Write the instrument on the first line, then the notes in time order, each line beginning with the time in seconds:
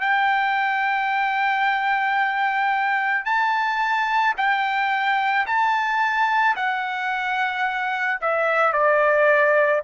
trumpet
0.00 G5
3.25 A5
4.37 G5
5.46 A5
6.56 F#5
8.21 E5
8.73 D5